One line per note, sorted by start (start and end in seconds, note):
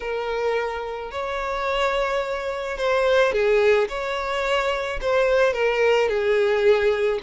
0.00 1.11 A#4
1.11 2.77 C#5
2.77 3.32 C5
3.32 3.88 G#4
3.88 4.99 C#5
5.01 5.53 C5
5.53 6.08 A#4
6.08 7.19 G#4